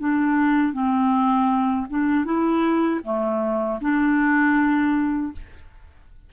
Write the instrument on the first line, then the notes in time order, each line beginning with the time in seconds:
clarinet
0.00 D4
0.73 C4
1.90 D4
2.25 E4
3.04 A3
3.81 D4